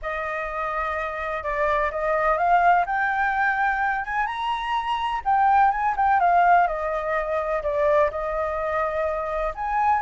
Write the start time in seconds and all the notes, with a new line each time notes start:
0.02 D#5
1.43 D5
1.91 D#5
2.37 F5
2.85 G5
4.04 G#5
4.26 A#5
5.24 G5
5.71 G#5
5.96 G5
6.20 F5
6.67 D#5
7.62 D5
8.11 D#5
9.54 G#5